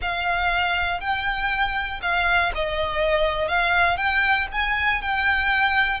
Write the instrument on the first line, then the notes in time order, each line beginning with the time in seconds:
violin
0.01 F5
1.00 G5
2.01 F5
2.54 D#5
3.47 F5
3.97 G5
4.52 G#5
5.01 G5